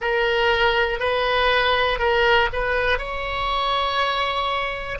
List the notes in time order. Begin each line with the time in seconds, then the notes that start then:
0.00 A#4
1.00 B4
1.98 A#4
2.53 B4
2.98 C#5